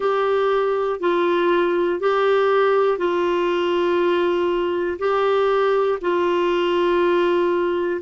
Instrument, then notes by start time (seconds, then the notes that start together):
clarinet
0.00 G4
1.00 F4
2.00 G4
2.98 F4
4.99 G4
6.00 F4